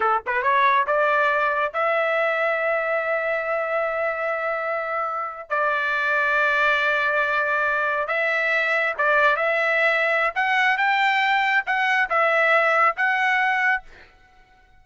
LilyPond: \new Staff \with { instrumentName = "trumpet" } { \time 4/4 \tempo 4 = 139 a'8 b'8 cis''4 d''2 | e''1~ | e''1~ | e''8. d''2.~ d''16~ |
d''2~ d''8. e''4~ e''16~ | e''8. d''4 e''2~ e''16 | fis''4 g''2 fis''4 | e''2 fis''2 | }